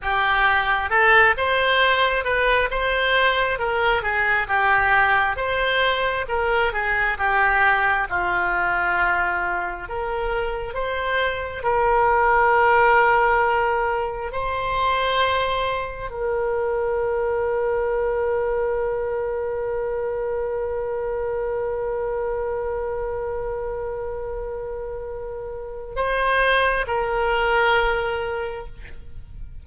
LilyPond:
\new Staff \with { instrumentName = "oboe" } { \time 4/4 \tempo 4 = 67 g'4 a'8 c''4 b'8 c''4 | ais'8 gis'8 g'4 c''4 ais'8 gis'8 | g'4 f'2 ais'4 | c''4 ais'2. |
c''2 ais'2~ | ais'1~ | ais'1~ | ais'4 c''4 ais'2 | }